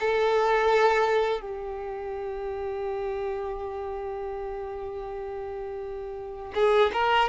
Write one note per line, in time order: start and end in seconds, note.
0.00 1.41 A4
1.41 6.54 G4
6.55 6.92 G#4
6.93 7.29 A#4